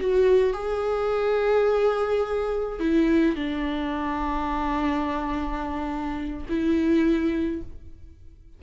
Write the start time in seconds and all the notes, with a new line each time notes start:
0.00 F#4
0.53 G#4
2.80 E4
3.36 D4
6.49 E4